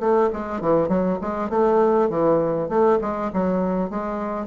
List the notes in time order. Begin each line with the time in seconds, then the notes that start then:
0.00 A3
0.33 G#3
0.61 E3
0.88 F#3
1.21 G#3
1.50 A3
2.09 E3
2.69 A3
3.01 G#3
3.33 F#3
3.90 G#3